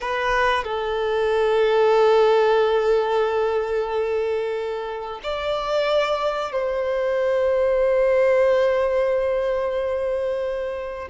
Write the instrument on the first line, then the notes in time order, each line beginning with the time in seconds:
violin
0.00 B4
0.63 A4
5.23 D5
6.52 C5